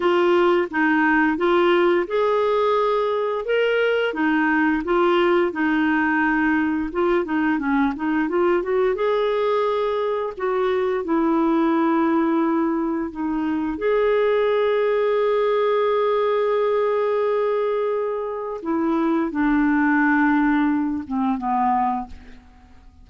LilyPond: \new Staff \with { instrumentName = "clarinet" } { \time 4/4 \tempo 4 = 87 f'4 dis'4 f'4 gis'4~ | gis'4 ais'4 dis'4 f'4 | dis'2 f'8 dis'8 cis'8 dis'8 | f'8 fis'8 gis'2 fis'4 |
e'2. dis'4 | gis'1~ | gis'2. e'4 | d'2~ d'8 c'8 b4 | }